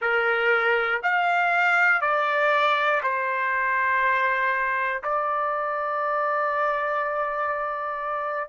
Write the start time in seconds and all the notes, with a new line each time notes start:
0.00 A#4
1.03 F5
2.01 D5
3.02 C5
5.03 D5